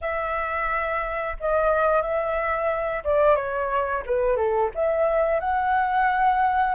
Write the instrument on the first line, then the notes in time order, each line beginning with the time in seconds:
flute
0.01 E5
1.40 D#5
2.02 E5
3.04 D5
3.35 C#5
4.06 B4
4.36 A4
4.74 E5
5.40 F#5